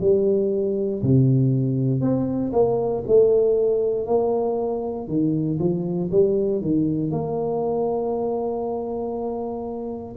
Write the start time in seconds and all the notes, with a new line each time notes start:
0.00 G3
1.02 C3
2.01 C4
2.52 A#3
3.07 A3
4.06 A#3
5.08 D#3
5.59 F3
6.11 G3
6.61 D#3
7.10 A#3